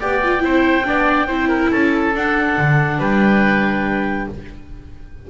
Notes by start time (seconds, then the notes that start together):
0.00 B3 G4 D5 G5
0.24 F4
0.40 C4 E4 C5
0.85 B3 D4 D5
1.27 C4 E4 C5
1.49 A#4
1.71 C#4 A4 A5
2.14 D4 F#5
2.58 D3
2.99 G3 B4 G5